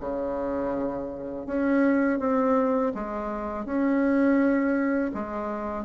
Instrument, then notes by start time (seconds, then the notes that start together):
bassoon
0.00 C#3
1.46 C#4
2.19 C4
2.94 G#3
3.65 C#4
5.14 G#3